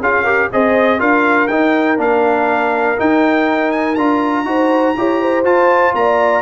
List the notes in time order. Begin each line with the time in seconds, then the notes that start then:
0.00 C#4 F4 G#4 F5
0.24 G4 A#4
0.52 C4 G#4 C5 D#5
0.99 D4 F4 A#4 F5
1.48 D#4 G5
1.97 A#3 D4 F5
2.97 D#4 G5
3.72 G#5
3.95 D4 F4 A#5
4.45 D#4 F#4 C5
4.98 E4 G4 C#5
5.21 C5
5.44 F4 A5
5.94 A#3 D5 A#5